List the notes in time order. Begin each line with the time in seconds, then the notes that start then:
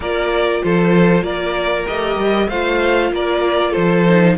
0.00 A#3 F4 A#4 D5
0.63 F3 A4 C5
1.23 A#3 A#4 D5
1.86 A3 G4 D#5
2.16 G3
2.49 A3 F4 C5 F5
3.11 A#3 A#4 D5
3.71 F3 A4 C5
4.08 D#4